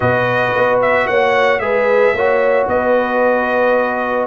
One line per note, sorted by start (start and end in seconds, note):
0.00 0.54 B2
0.00 1.60 F#4
0.00 1.07 B4
0.00 0.79 D#5
0.54 1.06 B3
0.81 1.07 E5
1.06 1.59 A#3
1.06 1.61 C#5
1.06 1.59 F#5
1.59 2.13 G#3
1.59 2.14 G#4
1.59 2.15 B4
1.59 2.66 E5
2.13 2.67 A#3
2.13 4.27 F#4
2.13 2.69 C#5
2.67 4.27 B3
2.67 4.27 B4
2.67 4.27 D#5